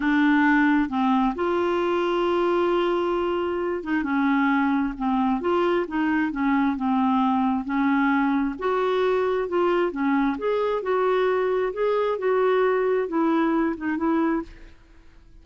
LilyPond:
\new Staff \with { instrumentName = "clarinet" } { \time 4/4 \tempo 4 = 133 d'2 c'4 f'4~ | f'1~ | f'8 dis'8 cis'2 c'4 | f'4 dis'4 cis'4 c'4~ |
c'4 cis'2 fis'4~ | fis'4 f'4 cis'4 gis'4 | fis'2 gis'4 fis'4~ | fis'4 e'4. dis'8 e'4 | }